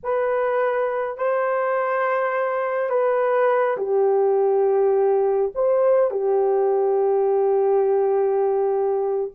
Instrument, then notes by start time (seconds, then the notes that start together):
horn
0.03 B4
1.17 C5
2.89 B4
3.77 G4
5.54 C5
6.11 G4